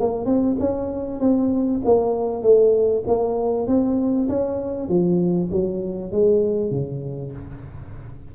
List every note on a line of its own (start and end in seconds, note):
0.00 0.26 A#3
0.26 0.56 C4
0.60 1.20 C#4
1.20 1.81 C4
1.85 2.42 A#3
2.42 3.03 A3
3.07 3.67 A#3
3.67 4.28 C4
4.29 4.88 C#4
4.88 5.49 F3
5.51 6.11 F#3
6.11 6.70 G#3
6.70 7.32 C#3